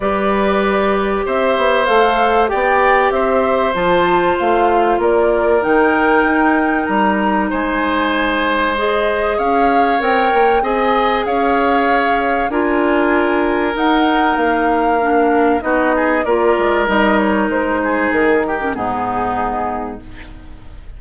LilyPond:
<<
  \new Staff \with { instrumentName = "flute" } { \time 4/4 \tempo 4 = 96 d''2 e''4 f''4 | g''4 e''4 a''4 f''4 | d''4 g''2 ais''4 | gis''2 dis''4 f''4 |
g''4 gis''4 f''2 | gis''2 fis''4 f''4~ | f''4 dis''4 d''4 dis''8 cis''8 | c''4 ais'4 gis'2 | }
  \new Staff \with { instrumentName = "oboe" } { \time 4/4 b'2 c''2 | d''4 c''2. | ais'1 | c''2. cis''4~ |
cis''4 dis''4 cis''2 | ais'1~ | ais'4 fis'8 gis'8 ais'2~ | ais'8 gis'4 g'8 dis'2 | }
  \new Staff \with { instrumentName = "clarinet" } { \time 4/4 g'2. a'4 | g'2 f'2~ | f'4 dis'2.~ | dis'2 gis'2 |
ais'4 gis'2. | f'2 dis'2 | d'4 dis'4 f'4 dis'4~ | dis'4.~ dis'16 cis'16 b2 | }
  \new Staff \with { instrumentName = "bassoon" } { \time 4/4 g2 c'8 b8 a4 | b4 c'4 f4 a4 | ais4 dis4 dis'4 g4 | gis2. cis'4 |
c'8 ais8 c'4 cis'2 | d'2 dis'4 ais4~ | ais4 b4 ais8 gis8 g4 | gis4 dis4 gis,2 | }
>>